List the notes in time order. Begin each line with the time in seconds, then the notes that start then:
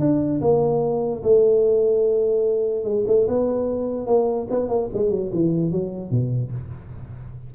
0.00 D4
0.41 A#3
1.23 A3
2.84 G#3
3.07 A3
3.28 B3
4.07 A#3
4.50 B3
4.69 A#3
4.94 G#3
5.10 F#3
5.33 E3
5.72 F#3
6.11 B2